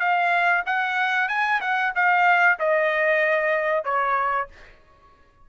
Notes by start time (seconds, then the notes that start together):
0.00 F5
0.66 F#5
1.29 G#5
1.61 F#5
1.96 F5
2.60 D#5
3.85 C#5